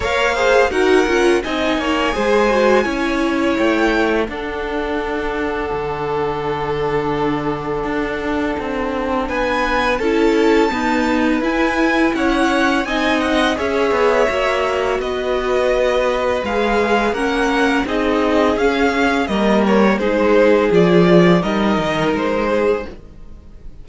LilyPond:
<<
  \new Staff \with { instrumentName = "violin" } { \time 4/4 \tempo 4 = 84 f''4 fis''4 gis''2~ | gis''4 g''4 fis''2~ | fis''1~ | fis''4 gis''4 a''2 |
gis''4 fis''4 gis''8 fis''8 e''4~ | e''4 dis''2 f''4 | fis''4 dis''4 f''4 dis''8 cis''8 | c''4 d''4 dis''4 c''4 | }
  \new Staff \with { instrumentName = "violin" } { \time 4/4 cis''8 c''8 ais'4 dis''8 cis''8 c''4 | cis''2 a'2~ | a'1~ | a'4 b'4 a'4 b'4~ |
b'4 cis''4 dis''4 cis''4~ | cis''4 b'2. | ais'4 gis'2 ais'4 | gis'2 ais'4. gis'8 | }
  \new Staff \with { instrumentName = "viola" } { \time 4/4 ais'8 gis'8 fis'8 f'8 dis'4 gis'8 fis'8 | e'2 d'2~ | d'1~ | d'2 e'4 b4 |
e'2 dis'4 gis'4 | fis'2. gis'4 | cis'4 dis'4 cis'4 ais4 | dis'4 f'4 dis'2 | }
  \new Staff \with { instrumentName = "cello" } { \time 4/4 ais4 dis'8 cis'8 c'8 ais8 gis4 | cis'4 a4 d'2 | d2. d'4 | c'4 b4 cis'4 dis'4 |
e'4 cis'4 c'4 cis'8 b8 | ais4 b2 gis4 | ais4 c'4 cis'4 g4 | gis4 f4 g8 dis8 gis4 | }
>>